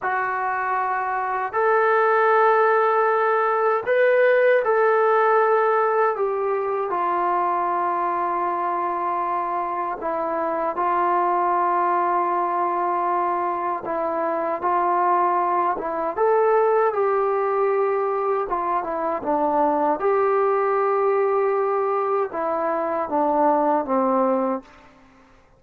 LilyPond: \new Staff \with { instrumentName = "trombone" } { \time 4/4 \tempo 4 = 78 fis'2 a'2~ | a'4 b'4 a'2 | g'4 f'2.~ | f'4 e'4 f'2~ |
f'2 e'4 f'4~ | f'8 e'8 a'4 g'2 | f'8 e'8 d'4 g'2~ | g'4 e'4 d'4 c'4 | }